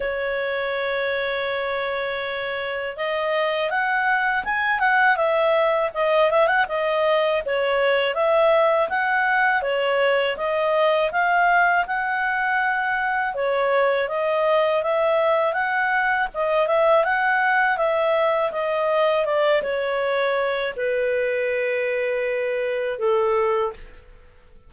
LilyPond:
\new Staff \with { instrumentName = "clarinet" } { \time 4/4 \tempo 4 = 81 cis''1 | dis''4 fis''4 gis''8 fis''8 e''4 | dis''8 e''16 fis''16 dis''4 cis''4 e''4 | fis''4 cis''4 dis''4 f''4 |
fis''2 cis''4 dis''4 | e''4 fis''4 dis''8 e''8 fis''4 | e''4 dis''4 d''8 cis''4. | b'2. a'4 | }